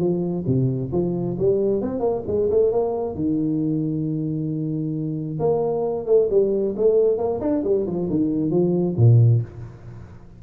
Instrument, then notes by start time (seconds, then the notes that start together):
tuba
0.00 F3
0.47 C3
0.93 F3
1.39 G3
1.82 C4
2.00 A#3
2.27 G#3
2.51 A3
2.72 A#3
3.15 D#3
5.40 A#3
6.07 A3
6.31 G3
6.77 A3
7.18 A#3
7.41 D4
7.64 G3
7.87 F3
8.10 D#3
8.51 F3
8.98 A#2